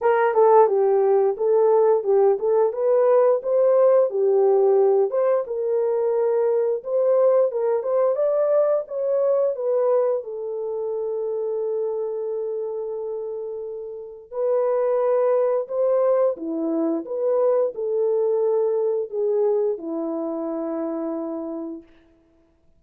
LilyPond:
\new Staff \with { instrumentName = "horn" } { \time 4/4 \tempo 4 = 88 ais'8 a'8 g'4 a'4 g'8 a'8 | b'4 c''4 g'4. c''8 | ais'2 c''4 ais'8 c''8 | d''4 cis''4 b'4 a'4~ |
a'1~ | a'4 b'2 c''4 | e'4 b'4 a'2 | gis'4 e'2. | }